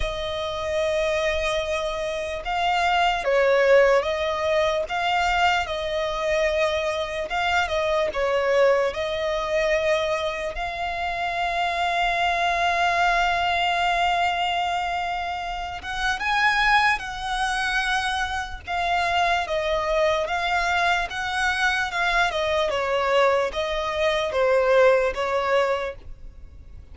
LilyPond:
\new Staff \with { instrumentName = "violin" } { \time 4/4 \tempo 4 = 74 dis''2. f''4 | cis''4 dis''4 f''4 dis''4~ | dis''4 f''8 dis''8 cis''4 dis''4~ | dis''4 f''2.~ |
f''2.~ f''8 fis''8 | gis''4 fis''2 f''4 | dis''4 f''4 fis''4 f''8 dis''8 | cis''4 dis''4 c''4 cis''4 | }